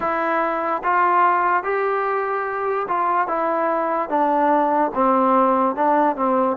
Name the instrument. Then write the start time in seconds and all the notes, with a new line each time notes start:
trombone
0.00 E4
0.83 F4
1.63 G4
2.88 F4
3.27 E4
4.09 D4
4.94 C4
5.75 D4
6.15 C4